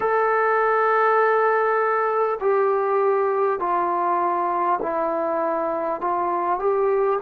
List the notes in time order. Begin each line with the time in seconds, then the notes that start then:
0.00 A4
2.40 G4
3.59 F4
4.82 E4
6.01 F4
6.59 G4